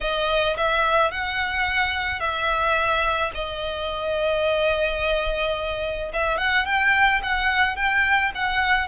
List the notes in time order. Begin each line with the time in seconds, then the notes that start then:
0.01 D#5
0.57 E5
1.11 F#5
2.20 E5
3.34 D#5
6.13 E5
6.37 F#5
6.65 G5
7.22 F#5
7.76 G5
8.34 F#5